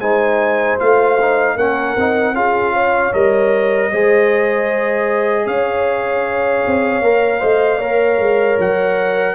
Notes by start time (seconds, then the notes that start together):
0.00 G#3 D#4 C5 G#5
0.79 A3 F4 F5
1.21 D#4
1.56 A#3 C#4 A#4 F#5
1.96 C4 D#4
2.34 C#4 F4 G#4 F5
2.73 C#5
3.12 G3 A#4 D#5
3.91 G#3 G#4 C5
5.46 C#4 C#5 F5
6.67 C4
7.01 A#3 A#4
7.40 A3 C5 D#5
7.78 A#3 A#4 C#5
8.19 G#3
8.59 F#3 F#5